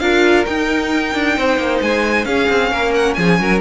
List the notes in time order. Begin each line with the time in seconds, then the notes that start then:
0.00 D4 F4 A#4 F5
0.46 D#4 G5
1.15 D4
1.37 C4 C5
1.58 A#3
1.82 G#3 G#5
2.26 C#4 G#4 F5
2.50 C4
2.71 A#3 A#4
2.94 F#5
3.14 F3 G#4 G#5
3.40 F#3 A#4